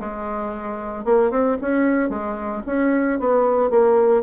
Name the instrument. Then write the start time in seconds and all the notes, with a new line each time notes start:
bassoon
0.00 G#3
1.05 A#3
1.31 C4
1.62 C#4
2.09 G#3
2.66 C#4
3.20 B3
3.70 A#3